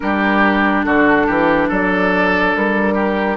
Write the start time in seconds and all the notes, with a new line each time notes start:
0.00 G3 D4 G4 A#4
0.84 D3 F#4 A4
1.26 E3 G4
1.68 F#3 A4 D5
2.55 G3 A#4
2.94 G4